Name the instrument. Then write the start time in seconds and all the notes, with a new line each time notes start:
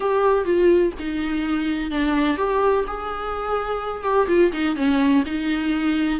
viola
0.00 G4
0.44 F4
0.99 D#4
1.90 D4
2.37 G4
2.87 G#4
4.03 G4
4.27 F4
4.52 D#4
4.76 C#4
5.26 D#4